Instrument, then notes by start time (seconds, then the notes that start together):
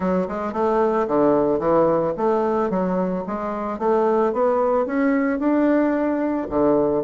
bassoon
0.00 F#3
0.28 G#3
0.53 A3
1.07 D3
1.59 E3
2.17 A3
2.70 F#3
3.27 G#3
3.78 A3
4.32 B3
4.86 C#4
5.39 D4
6.49 D3